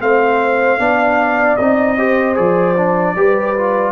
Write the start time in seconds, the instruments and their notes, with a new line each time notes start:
0.00 tuba A3, trombone C4, horn C5, trumpet F5
0.79 tuba B3, trombone D4, horn D5
1.57 tuba C4, trombone D#4, trumpet D#5
1.97 trombone G4, horn C5
2.36 tuba F3, trombone G#4, trumpet D5
2.77 trombone D4
3.16 tuba G3, trombone G4, horn B4
3.57 trombone F4